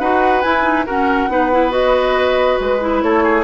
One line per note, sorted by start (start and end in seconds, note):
0.00 0.43 D#4
0.00 0.44 F#4
0.00 0.86 B4
0.00 0.42 F#5
0.42 0.63 E4
0.42 0.87 E4
0.42 0.86 G#5
0.63 0.85 D#4
0.86 1.30 C#4
0.86 1.29 F#4
0.86 1.30 A#4
0.86 1.73 F#5
1.29 2.59 B3
1.29 1.52 D#4
1.29 3.04 B4
1.52 1.71 E4
1.71 2.79 F#4
1.71 2.59 D#5
2.60 3.03 G#3
2.60 3.03 B4
2.81 3.44 E4
3.03 3.44 A3
3.03 3.24 A4
3.03 3.44 C#5
3.24 3.44 G#4